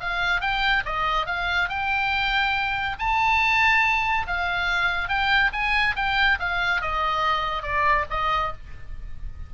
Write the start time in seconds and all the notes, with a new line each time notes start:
0.00 F5
0.41 G5
0.85 D#5
1.26 F5
1.69 G5
2.99 A5
4.27 F5
5.09 G5
5.53 G#5
5.96 G5
6.39 F5
6.82 D#5
7.63 D5
8.10 D#5